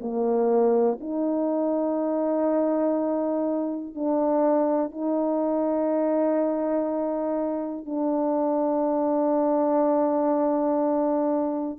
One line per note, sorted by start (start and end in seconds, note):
0.00 0.98 A#3
1.00 3.95 D#4
3.95 4.91 D4
4.91 7.86 D#4
7.86 11.79 D4